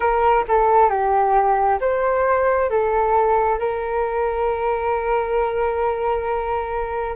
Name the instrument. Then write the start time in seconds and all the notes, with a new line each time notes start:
flute
0.00 A#4
0.48 A4
0.89 G4
1.80 C5
2.69 A4
3.58 A#4